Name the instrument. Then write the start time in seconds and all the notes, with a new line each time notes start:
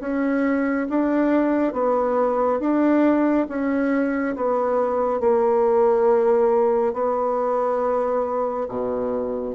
bassoon
0.00 C#4
0.89 D4
1.73 B3
2.60 D4
3.48 C#4
4.36 B3
5.20 A#3
6.93 B3
8.68 B2